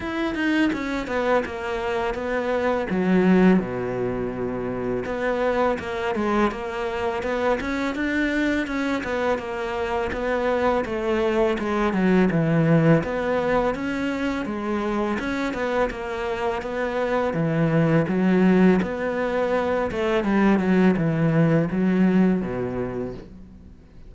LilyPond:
\new Staff \with { instrumentName = "cello" } { \time 4/4 \tempo 4 = 83 e'8 dis'8 cis'8 b8 ais4 b4 | fis4 b,2 b4 | ais8 gis8 ais4 b8 cis'8 d'4 | cis'8 b8 ais4 b4 a4 |
gis8 fis8 e4 b4 cis'4 | gis4 cis'8 b8 ais4 b4 | e4 fis4 b4. a8 | g8 fis8 e4 fis4 b,4 | }